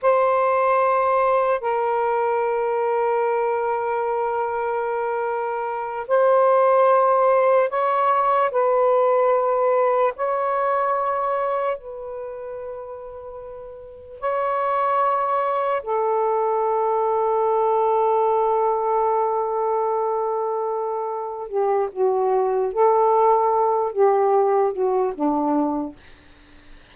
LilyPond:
\new Staff \with { instrumentName = "saxophone" } { \time 4/4 \tempo 4 = 74 c''2 ais'2~ | ais'2.~ ais'8 c''8~ | c''4. cis''4 b'4.~ | b'8 cis''2 b'4.~ |
b'4. cis''2 a'8~ | a'1~ | a'2~ a'8 g'8 fis'4 | a'4. g'4 fis'8 d'4 | }